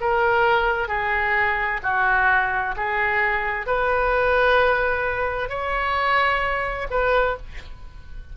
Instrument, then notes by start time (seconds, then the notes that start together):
oboe
0.00 A#4
0.88 G#4
1.83 F#4
2.76 G#4
3.66 B4
5.49 C#5
6.90 B4